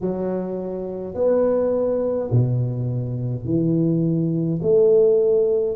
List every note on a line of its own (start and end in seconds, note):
0.01 1.14 F#3
1.14 2.30 B3
2.31 3.44 B2
3.44 4.59 E3
4.62 5.75 A3